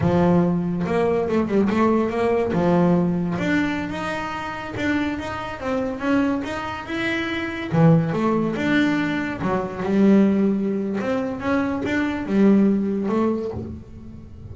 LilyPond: \new Staff \with { instrumentName = "double bass" } { \time 4/4 \tempo 4 = 142 f2 ais4 a8 g8 | a4 ais4 f2 | d'4~ d'16 dis'2 d'8.~ | d'16 dis'4 c'4 cis'4 dis'8.~ |
dis'16 e'2 e4 a8.~ | a16 d'2 fis4 g8.~ | g2 c'4 cis'4 | d'4 g2 a4 | }